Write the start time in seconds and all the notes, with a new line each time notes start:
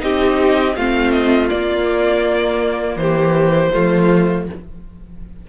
0.00 C4 D#4 G4 D#5
0.76 A3 C4 F4 F5
1.12 D#5
1.49 A#3 D5
2.97 E3 G4 C5
3.73 F3 A3 F4